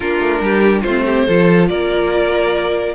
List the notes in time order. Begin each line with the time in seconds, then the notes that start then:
0.00 A#3 D4 F4 A#4
0.20 A3
0.40 G3 G4
0.81 A3 C4 F4 C5
1.05 G4
1.26 F3 F4 A4
1.68 A#3 A#4 D5